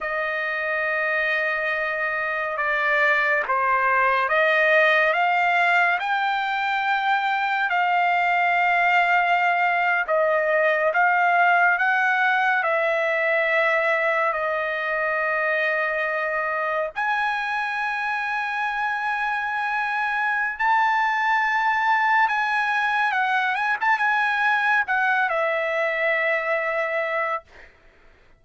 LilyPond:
\new Staff \with { instrumentName = "trumpet" } { \time 4/4 \tempo 4 = 70 dis''2. d''4 | c''4 dis''4 f''4 g''4~ | g''4 f''2~ f''8. dis''16~ | dis''8. f''4 fis''4 e''4~ e''16~ |
e''8. dis''2. gis''16~ | gis''1 | a''2 gis''4 fis''8 gis''16 a''16 | gis''4 fis''8 e''2~ e''8 | }